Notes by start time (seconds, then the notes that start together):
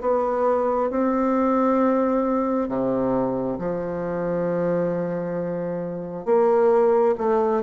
0.00 B3
0.90 C4
2.69 C3
3.58 F3
6.25 A#3
7.18 A3